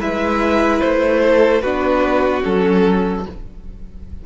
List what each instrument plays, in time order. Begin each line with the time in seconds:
0.00 cello G#3, viola E4, violin B4 E5
0.81 cello A3, violin C5
1.23 violin A4
1.62 cello B3, viola D4, violin F#4 B4
2.42 cello F#3, viola C#4, violin A4